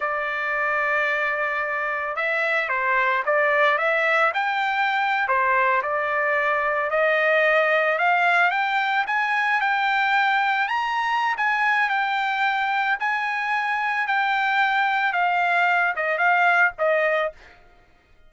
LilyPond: \new Staff \with { instrumentName = "trumpet" } { \time 4/4 \tempo 4 = 111 d''1 | e''4 c''4 d''4 e''4 | g''4.~ g''16 c''4 d''4~ d''16~ | d''8. dis''2 f''4 g''16~ |
g''8. gis''4 g''2 ais''16~ | ais''4 gis''4 g''2 | gis''2 g''2 | f''4. dis''8 f''4 dis''4 | }